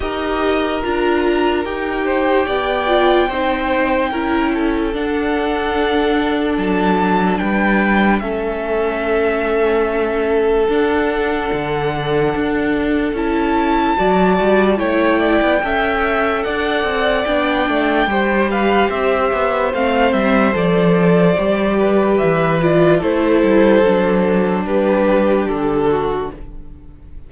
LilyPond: <<
  \new Staff \with { instrumentName = "violin" } { \time 4/4 \tempo 4 = 73 dis''4 ais''4 g''2~ | g''2 fis''2 | a''4 g''4 e''2~ | e''4 fis''2. |
a''2 g''2 | fis''4 g''4. f''8 e''4 | f''8 e''8 d''2 e''8 d''8 | c''2 b'4 a'4 | }
  \new Staff \with { instrumentName = "violin" } { \time 4/4 ais'2~ ais'8 c''8 d''4 | c''4 ais'8 a'2~ a'8~ | a'4 b'4 a'2~ | a'1~ |
a'4 d''4 cis''8 d''8 e''4 | d''2 c''8 b'8 c''4~ | c''2~ c''8 b'4. | a'2 g'4. fis'8 | }
  \new Staff \with { instrumentName = "viola" } { \time 4/4 g'4 f'4 g'4. f'8 | dis'4 e'4 d'2~ | d'2 cis'2~ | cis'4 d'2. |
e'4 fis'4 e'4 a'4~ | a'4 d'4 g'2 | c'4 a'4 g'4. f'8 | e'4 d'2. | }
  \new Staff \with { instrumentName = "cello" } { \time 4/4 dis'4 d'4 dis'4 b4 | c'4 cis'4 d'2 | fis4 g4 a2~ | a4 d'4 d4 d'4 |
cis'4 fis8 g8 a8. b16 cis'4 | d'8 c'8 b8 a8 g4 c'8 b8 | a8 g8 f4 g4 e4 | a8 g8 fis4 g4 d4 | }
>>